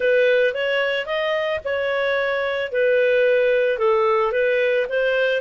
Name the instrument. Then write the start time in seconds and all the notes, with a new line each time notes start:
clarinet
0.00 B4
0.54 C#5
1.06 D#5
1.64 C#5
2.71 B4
3.78 A4
4.32 B4
4.89 C5